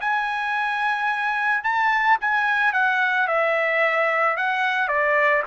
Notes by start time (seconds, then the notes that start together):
0.00 G#5
1.63 A5
2.20 G#5
2.73 F#5
3.27 E5
4.36 F#5
4.88 D5